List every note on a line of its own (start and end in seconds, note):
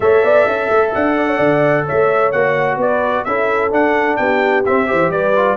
0.00 0.23 A3
0.00 2.33 A4
0.00 0.23 C#5
0.00 0.91 E5
0.23 0.46 B3
0.23 0.45 D5
0.45 0.69 C#4
0.45 1.15 E5
0.70 0.93 A3
0.94 1.38 D4
0.94 1.87 F#5
1.16 1.27 D5
1.27 1.37 C#5
1.37 1.85 D3
1.37 1.83 D5
1.85 2.33 A3
1.85 2.77 C#5
1.85 2.31 E5
2.31 2.76 A#3
2.31 3.27 F#4
2.31 2.78 F#5
2.76 3.23 B3
2.76 3.23 B4
2.76 3.24 D5
3.24 3.72 C#4
3.24 3.71 E4
3.24 4.20 A4
3.24 3.71 E5
3.71 4.64 D4
3.71 4.18 D4
3.71 4.16 F#5
4.16 4.65 B3
4.16 4.88 G4
4.16 4.63 G5
4.65 4.86 C4
4.65 4.92 C4
4.65 5.11 E5
4.86 5.10 E3
4.86 5.33 G4
4.86 5.10 C5
5.10 5.56 G3
5.10 5.57 B4
5.10 5.57 D5
5.36 5.57 F4